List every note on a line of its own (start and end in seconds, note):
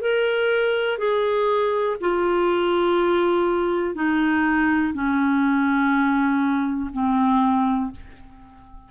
0.00 0.98 A#4
0.98 1.96 G#4
2.00 3.95 F4
3.95 4.93 D#4
4.94 6.90 C#4
6.93 7.91 C4